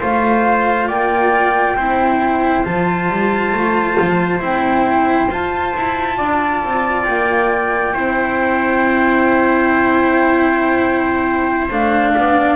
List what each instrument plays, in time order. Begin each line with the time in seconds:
0.00 double bass A3, cello F4, trumpet C5, flute F5
0.88 double bass A#3, trumpet D5, flute G5
1.76 double bass C4, cello E4, trumpet C5
2.64 double bass F3, cello F4, flute A5
3.10 double bass G3
3.53 double bass A3
4.01 double bass F3
4.40 double bass C4, cello E4, flute G5
5.29 double bass F4, cello F4, flute A5
5.75 double bass E4
6.18 double bass D4, trumpet D5
6.63 double bass C4
7.04 double bass A#3, flute G5
7.94 double bass C4, cello E4, trumpet C5
11.71 double bass A3, cello D4, flute F5
12.14 double bass B3, trumpet D5